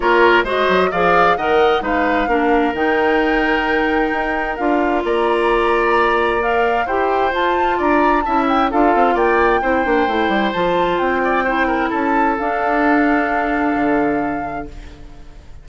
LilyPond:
<<
  \new Staff \with { instrumentName = "flute" } { \time 4/4 \tempo 4 = 131 cis''4 dis''4 f''4 fis''4 | f''2 g''2~ | g''2 f''4 ais''4~ | ais''2 f''4 g''4 |
a''4 ais''4 a''8 g''8 f''4 | g''2. a''4 | g''2 a''4 f''4~ | f''1 | }
  \new Staff \with { instrumentName = "oboe" } { \time 4/4 ais'4 c''4 d''4 dis''4 | b'4 ais'2.~ | ais'2. d''4~ | d''2. c''4~ |
c''4 d''4 e''4 a'4 | d''4 c''2.~ | c''8 d''8 c''8 ais'8 a'2~ | a'1 | }
  \new Staff \with { instrumentName = "clarinet" } { \time 4/4 f'4 fis'4 gis'4 ais'4 | dis'4 d'4 dis'2~ | dis'2 f'2~ | f'2 ais'4 g'4 |
f'2 e'4 f'4~ | f'4 e'8 d'8 e'4 f'4~ | f'4 e'2 d'4~ | d'1 | }
  \new Staff \with { instrumentName = "bassoon" } { \time 4/4 ais4 gis8 fis8 f4 dis4 | gis4 ais4 dis2~ | dis4 dis'4 d'4 ais4~ | ais2. e'4 |
f'4 d'4 cis'4 d'8 c'8 | ais4 c'8 ais8 a8 g8 f4 | c'2 cis'4 d'4~ | d'2 d2 | }
>>